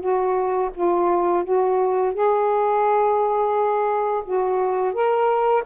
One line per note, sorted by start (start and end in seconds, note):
0.00 0.70 F#4
0.75 1.44 F4
1.44 2.14 F#4
2.14 4.23 G#4
4.25 4.94 F#4
4.94 5.64 A#4